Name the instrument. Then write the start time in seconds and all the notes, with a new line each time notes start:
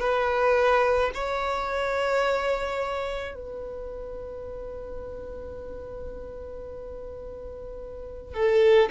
violin
0.00 B4
1.14 C#5
3.35 B4
8.34 A4